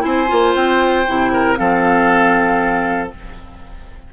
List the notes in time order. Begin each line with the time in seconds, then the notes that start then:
0.00 C4 E4 C5 G#5
0.28 A#3 F4
0.55 C4 G5
1.07 C3 E4
1.32 A#4
1.56 F3 C4 A4 F5